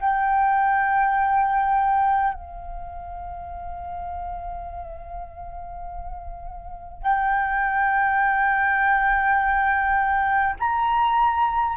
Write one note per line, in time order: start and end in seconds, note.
0.00 2.34 G5
2.34 7.03 F5
7.03 10.56 G5
10.60 11.77 A#5